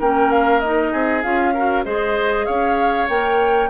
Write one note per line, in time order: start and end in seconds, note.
0.00 0.93 A#3
0.00 0.63 C#4
0.00 0.93 A#4
0.00 0.32 G5
0.32 0.60 F5
0.60 1.24 D#4
0.60 1.22 D#5
0.93 1.24 C4
0.93 1.54 G#4
1.23 1.86 C#4
1.23 1.55 F4
1.23 1.85 F5
1.54 1.85 F#4
1.54 1.85 A#4
1.85 2.48 G#3
1.85 3.09 G#4
1.85 2.46 C5
1.85 2.46 D#5
2.46 3.09 C#4
2.46 3.70 C#5
2.46 3.08 F5
3.09 3.71 A#3
3.09 3.71 A#4
3.09 3.71 G5